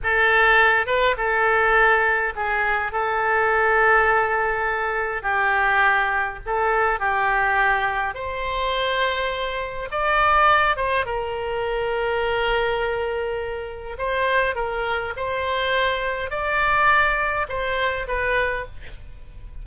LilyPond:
\new Staff \with { instrumentName = "oboe" } { \time 4/4 \tempo 4 = 103 a'4. b'8 a'2 | gis'4 a'2.~ | a'4 g'2 a'4 | g'2 c''2~ |
c''4 d''4. c''8 ais'4~ | ais'1 | c''4 ais'4 c''2 | d''2 c''4 b'4 | }